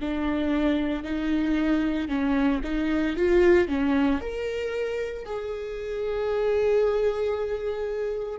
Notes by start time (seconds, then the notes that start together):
0.00 D4
1.03 D#4
2.08 C#4
2.63 D#4
3.16 F4
3.67 C#4
4.21 A#4
5.25 G#4